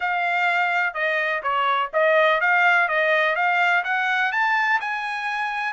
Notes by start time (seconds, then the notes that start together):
0.00 F5
0.94 D#5
1.42 C#5
1.93 D#5
2.40 F5
2.88 D#5
3.35 F5
3.84 F#5
4.32 A5
4.80 G#5